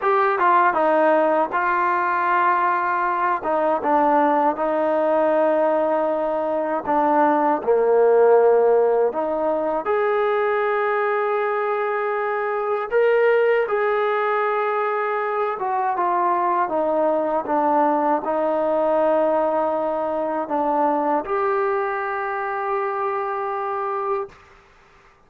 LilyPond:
\new Staff \with { instrumentName = "trombone" } { \time 4/4 \tempo 4 = 79 g'8 f'8 dis'4 f'2~ | f'8 dis'8 d'4 dis'2~ | dis'4 d'4 ais2 | dis'4 gis'2.~ |
gis'4 ais'4 gis'2~ | gis'8 fis'8 f'4 dis'4 d'4 | dis'2. d'4 | g'1 | }